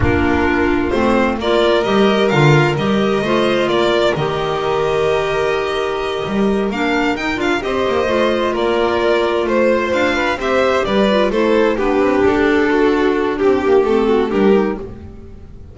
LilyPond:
<<
  \new Staff \with { instrumentName = "violin" } { \time 4/4 \tempo 4 = 130 ais'2 c''4 d''4 | dis''4 f''4 dis''2 | d''4 dis''2.~ | dis''2~ dis''8 f''4 g''8 |
f''8 dis''2 d''4.~ | d''8 c''4 f''4 e''4 d''8~ | d''8 c''4 b'4 a'4.~ | a'4 g'4 a'4 ais'4 | }
  \new Staff \with { instrumentName = "violin" } { \time 4/4 f'2. ais'4~ | ais'2. c''4 | ais'1~ | ais'1~ |
ais'8 c''2 ais'4.~ | ais'8 c''4. b'8 c''4 b'8~ | b'8 a'4 g'2 fis'8~ | fis'4 g'4. fis'8 g'4 | }
  \new Staff \with { instrumentName = "clarinet" } { \time 4/4 d'2 c'4 f'4 | g'4 f'4 g'4 f'4~ | f'4 g'2.~ | g'2~ g'8 d'4 dis'8 |
f'8 g'4 f'2~ f'8~ | f'2~ f'8 g'4. | f'8 e'4 d'2~ d'8~ | d'2 c'4 d'8 dis'8 | }
  \new Staff \with { instrumentName = "double bass" } { \time 4/4 ais2 a4 ais4 | g4 d4 g4 a4 | ais4 dis2.~ | dis4. g4 ais4 dis'8 |
d'8 c'8 ais8 a4 ais4.~ | ais8 a4 d'4 c'4 g8~ | g8 a4 b8 c'8 d'4.~ | d'4 c'8 ais8 a4 g4 | }
>>